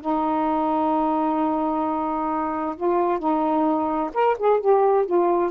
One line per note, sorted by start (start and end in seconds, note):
0.00 2.75 D#4
2.76 3.19 F4
3.19 4.10 D#4
4.13 4.36 A#4
4.38 4.60 G#4
4.60 5.05 G4
5.05 5.50 F4